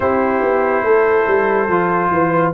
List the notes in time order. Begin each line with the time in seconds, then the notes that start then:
0.00 C4 E4 G4 C5
0.41 B3
0.83 A3 A4
1.27 G3
1.68 F3 F4
2.11 E3 B4